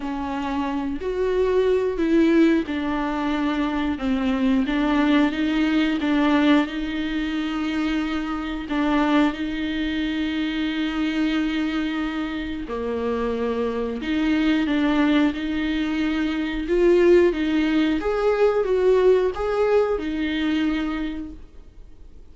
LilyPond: \new Staff \with { instrumentName = "viola" } { \time 4/4 \tempo 4 = 90 cis'4. fis'4. e'4 | d'2 c'4 d'4 | dis'4 d'4 dis'2~ | dis'4 d'4 dis'2~ |
dis'2. ais4~ | ais4 dis'4 d'4 dis'4~ | dis'4 f'4 dis'4 gis'4 | fis'4 gis'4 dis'2 | }